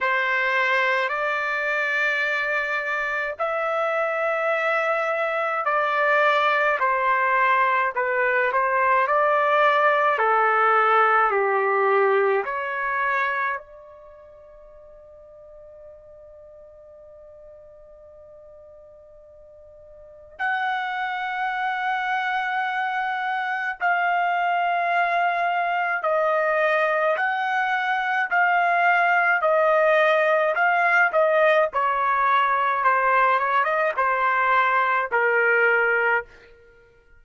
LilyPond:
\new Staff \with { instrumentName = "trumpet" } { \time 4/4 \tempo 4 = 53 c''4 d''2 e''4~ | e''4 d''4 c''4 b'8 c''8 | d''4 a'4 g'4 cis''4 | d''1~ |
d''2 fis''2~ | fis''4 f''2 dis''4 | fis''4 f''4 dis''4 f''8 dis''8 | cis''4 c''8 cis''16 dis''16 c''4 ais'4 | }